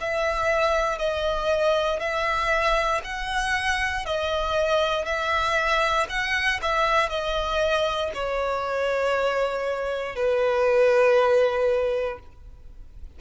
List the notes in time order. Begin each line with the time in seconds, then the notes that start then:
0.00 E5
0.98 D#5
1.99 E5
3.04 F#5
4.05 D#5
5.05 E5
6.09 F#5
6.61 E5
7.09 D#5
8.14 C#5
10.16 B4